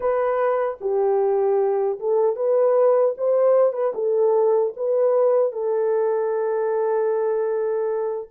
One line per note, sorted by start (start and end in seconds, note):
0.00 0.78 B4
0.80 1.99 G4
1.99 2.35 A4
2.35 3.14 B4
3.17 3.72 C5
3.72 3.92 B4
3.94 4.73 A4
4.76 5.52 B4
5.52 8.29 A4